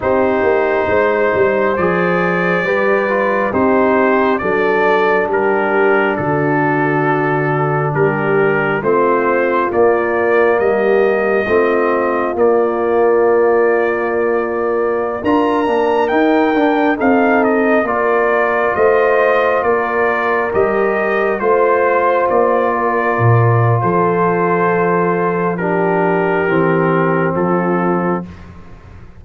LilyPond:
<<
  \new Staff \with { instrumentName = "trumpet" } { \time 4/4 \tempo 4 = 68 c''2 d''2 | c''4 d''4 ais'4 a'4~ | a'4 ais'4 c''4 d''4 | dis''2 d''2~ |
d''4~ d''16 ais''4 g''4 f''8 dis''16~ | dis''16 d''4 dis''4 d''4 dis''8.~ | dis''16 c''4 d''4.~ d''16 c''4~ | c''4 ais'2 a'4 | }
  \new Staff \with { instrumentName = "horn" } { \time 4/4 g'4 c''2 b'4 | g'4 a'4 g'4 fis'4~ | fis'4 g'4 f'2 | g'4 f'2.~ |
f'4~ f'16 ais'2 a'8.~ | a'16 ais'4 c''4 ais'4.~ ais'16~ | ais'16 c''4. ais'4~ ais'16 a'4~ | a'4 g'2 f'4 | }
  \new Staff \with { instrumentName = "trombone" } { \time 4/4 dis'2 gis'4 g'8 f'8 | dis'4 d'2.~ | d'2 c'4 ais4~ | ais4 c'4 ais2~ |
ais4~ ais16 f'8 d'8 dis'8 d'8 dis'8.~ | dis'16 f'2. g'8.~ | g'16 f'2.~ f'8.~ | f'4 d'4 c'2 | }
  \new Staff \with { instrumentName = "tuba" } { \time 4/4 c'8 ais8 gis8 g8 f4 g4 | c'4 fis4 g4 d4~ | d4 g4 a4 ais4 | g4 a4 ais2~ |
ais4~ ais16 d'8 ais8 dis'8 d'8 c'8.~ | c'16 ais4 a4 ais4 g8.~ | g16 a4 ais4 ais,8. f4~ | f2 e4 f4 | }
>>